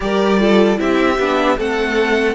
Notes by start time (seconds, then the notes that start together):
0.00 G3 G4 A#4 D5
0.38 F4 A4
0.76 C4 E4 G4 E5
1.19 B3 D4
1.57 A3 C4 A4 F#5